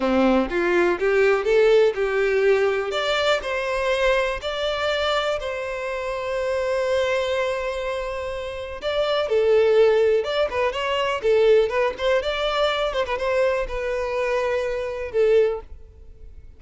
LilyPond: \new Staff \with { instrumentName = "violin" } { \time 4/4 \tempo 4 = 123 c'4 f'4 g'4 a'4 | g'2 d''4 c''4~ | c''4 d''2 c''4~ | c''1~ |
c''2 d''4 a'4~ | a'4 d''8 b'8 cis''4 a'4 | b'8 c''8 d''4. c''16 b'16 c''4 | b'2. a'4 | }